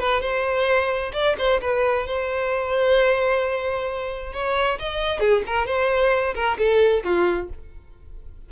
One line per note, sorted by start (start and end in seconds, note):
0.00 0.21 B4
0.21 1.12 C5
1.13 1.36 D5
1.38 1.61 C5
1.61 2.07 B4
2.07 4.33 C5
4.33 4.79 C#5
4.79 5.20 D#5
5.20 5.43 G#4
5.47 5.66 A#4
5.66 6.35 C5
6.35 6.58 A#4
6.58 7.04 A4
7.04 7.49 F4